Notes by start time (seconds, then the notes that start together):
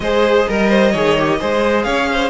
0.00 G#3 G#4 C5 D#5
0.48 G3 A#4
0.69 C5
0.91 D#3 G#4 C#5
1.18 G4
1.39 G#3 G#4 C5
1.83 C#4 C#5 F5
2.12 C5